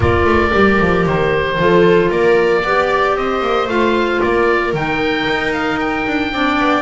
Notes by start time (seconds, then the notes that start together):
0.00 A#3 F4 A#4 D5
0.24 A3
0.51 G3 G4
0.80 F3
1.06 D#3 C5
1.56 F3 F4 A4
2.10 A#3 A#4 D5
2.63 B3 G4 D5
3.15 C4 C5 D#5
3.41 A#3
3.67 A3 F4 F5
4.21 A#3 A#4 D5
4.73 D#3 D#4 G5
5.27 D#4
5.53 F5
5.79 G5
6.06 D4
6.32 C4 D4 D5
6.59 B3